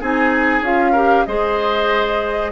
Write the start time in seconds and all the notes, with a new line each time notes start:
0.00 C4 D#4 G#4 G#5
0.61 C#4 F4 F5
0.92 G4 A#4
1.26 G#3 G#4 C5 D#5